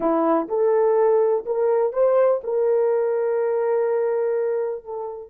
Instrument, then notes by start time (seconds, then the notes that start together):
horn
0.00 E4
0.48 A4
1.45 A#4
1.92 C5
2.43 A#4
4.84 A4